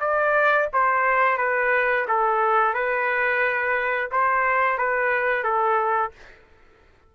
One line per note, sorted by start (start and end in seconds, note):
0.00 0.68 D5
0.73 1.37 C5
1.37 2.05 B4
2.08 2.74 A4
2.74 4.10 B4
4.11 4.78 C5
4.78 5.43 B4
5.43 6.11 A4